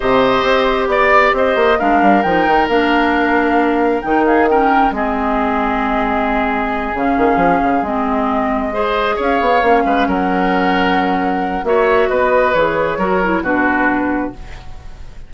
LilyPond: <<
  \new Staff \with { instrumentName = "flute" } { \time 4/4 \tempo 4 = 134 dis''2 d''4 dis''4 | f''4 g''4 f''2~ | f''4 g''8 f''8 g''4 dis''4~ | dis''2.~ dis''8 f''8~ |
f''4. dis''2~ dis''8~ | dis''8 f''2 fis''4.~ | fis''2 e''4 dis''4 | cis''2 b'2 | }
  \new Staff \with { instrumentName = "oboe" } { \time 4/4 c''2 d''4 c''4 | ais'1~ | ais'4. gis'8 ais'4 gis'4~ | gis'1~ |
gis'2.~ gis'8 c''8~ | c''8 cis''4. b'8 ais'4.~ | ais'2 cis''4 b'4~ | b'4 ais'4 fis'2 | }
  \new Staff \with { instrumentName = "clarinet" } { \time 4/4 g'1 | d'4 dis'4 d'2~ | d'4 dis'4 cis'4 c'4~ | c'2.~ c'8 cis'8~ |
cis'4. c'2 gis'8~ | gis'4. cis'2~ cis'8~ | cis'2 fis'2 | gis'4 fis'8 e'8 d'2 | }
  \new Staff \with { instrumentName = "bassoon" } { \time 4/4 c4 c'4 b4 c'8 ais8 | gis8 g8 f8 dis8 ais2~ | ais4 dis2 gis4~ | gis2.~ gis8 cis8 |
dis8 f8 cis8 gis2~ gis8~ | gis8 cis'8 b8 ais8 gis8 fis4.~ | fis2 ais4 b4 | e4 fis4 b,2 | }
>>